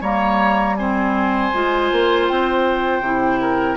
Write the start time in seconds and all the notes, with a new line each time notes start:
0.00 G3 A#3 C#5 A#5
0.76 C4 C5 G#5
1.53 G#3 F4
1.91 A#3
2.27 C4 G5
3.00 C3 E4
3.41 A#4